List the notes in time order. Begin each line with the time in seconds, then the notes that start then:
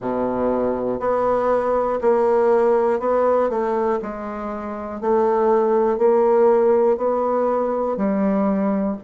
0.00 B2
0.99 B3
2.00 A#3
3.00 B3
3.49 A3
4.02 G#3
5.00 A3
5.97 A#3
6.97 B3
7.96 G3